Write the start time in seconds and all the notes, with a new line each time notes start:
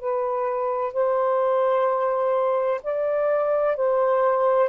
0.00 B4
0.93 C5
2.83 D5
3.77 C5